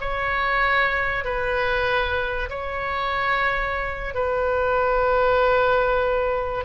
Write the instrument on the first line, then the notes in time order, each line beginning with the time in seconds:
oboe
0.00 C#5
1.24 B4
2.50 C#5
4.14 B4